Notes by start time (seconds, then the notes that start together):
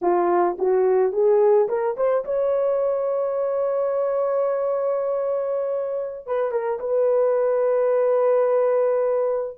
0.01 F4
0.58 F#4
1.12 G#4
1.68 A#4
1.96 C5
2.24 C#5
6.26 B4
6.51 A#4
6.79 B4